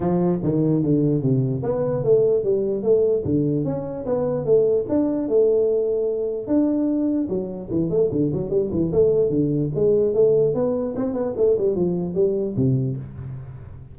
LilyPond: \new Staff \with { instrumentName = "tuba" } { \time 4/4 \tempo 4 = 148 f4 dis4 d4 c4 | b4 a4 g4 a4 | d4 cis'4 b4 a4 | d'4 a2. |
d'2 fis4 e8 a8 | d8 fis8 g8 e8 a4 d4 | gis4 a4 b4 c'8 b8 | a8 g8 f4 g4 c4 | }